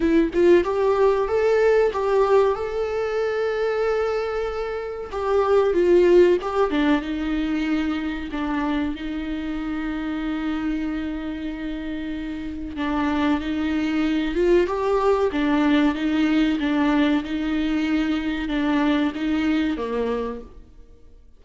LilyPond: \new Staff \with { instrumentName = "viola" } { \time 4/4 \tempo 4 = 94 e'8 f'8 g'4 a'4 g'4 | a'1 | g'4 f'4 g'8 d'8 dis'4~ | dis'4 d'4 dis'2~ |
dis'1 | d'4 dis'4. f'8 g'4 | d'4 dis'4 d'4 dis'4~ | dis'4 d'4 dis'4 ais4 | }